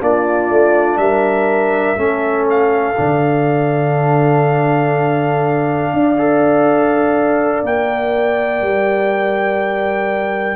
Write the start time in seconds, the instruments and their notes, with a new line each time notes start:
0.00 tuba A#3, trombone D4, horn F4, trumpet D5
0.50 tuba A3
0.98 tuba G3, horn A#4, trumpet E5
1.97 tuba A3, trombone C#4, horn A4
2.50 trumpet F5
2.97 tuba D3, trombone D4
5.93 tuba D4, horn D5
6.18 trombone A4
7.63 tuba A#3, trombone A#4, trumpet G5
8.61 tuba G3